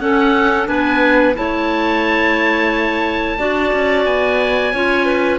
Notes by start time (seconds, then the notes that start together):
0.00 C#4 A4 F#5
0.66 B3 D4 B4 G#5
1.35 A3 E4 C#5 A5
3.38 D4 F#4 D5
3.73 C#4
4.05 B3 G#5
4.73 C#4 F4 C#5
5.05 B4